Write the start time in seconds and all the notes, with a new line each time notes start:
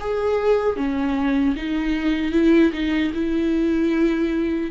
0.00 G#4
0.76 C#4
1.56 D#4
2.32 E4
2.73 D#4
3.14 E4